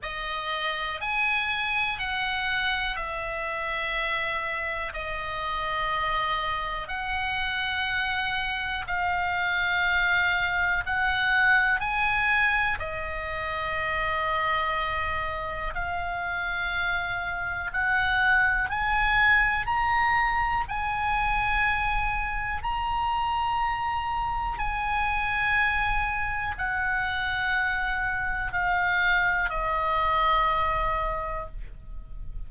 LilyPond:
\new Staff \with { instrumentName = "oboe" } { \time 4/4 \tempo 4 = 61 dis''4 gis''4 fis''4 e''4~ | e''4 dis''2 fis''4~ | fis''4 f''2 fis''4 | gis''4 dis''2. |
f''2 fis''4 gis''4 | ais''4 gis''2 ais''4~ | ais''4 gis''2 fis''4~ | fis''4 f''4 dis''2 | }